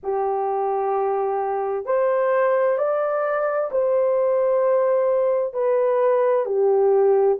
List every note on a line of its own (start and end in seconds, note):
0.03 1.85 G4
1.85 2.77 C5
2.77 3.70 D5
3.71 5.53 C5
5.53 6.45 B4
6.45 7.38 G4